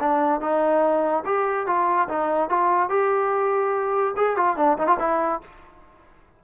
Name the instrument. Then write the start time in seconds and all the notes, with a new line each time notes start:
trombone
0.00 D4
0.41 D#4
1.26 G4
1.67 F4
2.09 D#4
2.50 F4
2.90 G4
4.17 G#4
4.37 F4
4.57 D4
4.78 D#4
4.87 F4
5.00 E4